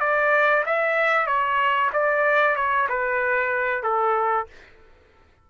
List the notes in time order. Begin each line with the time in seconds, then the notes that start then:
0.00 D5
0.66 E5
1.26 C#5
1.93 D5
2.56 C#5
2.89 B4
3.83 A4